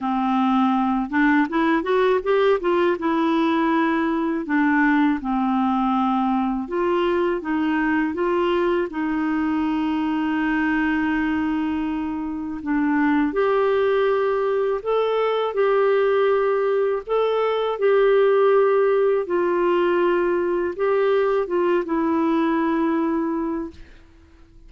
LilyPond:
\new Staff \with { instrumentName = "clarinet" } { \time 4/4 \tempo 4 = 81 c'4. d'8 e'8 fis'8 g'8 f'8 | e'2 d'4 c'4~ | c'4 f'4 dis'4 f'4 | dis'1~ |
dis'4 d'4 g'2 | a'4 g'2 a'4 | g'2 f'2 | g'4 f'8 e'2~ e'8 | }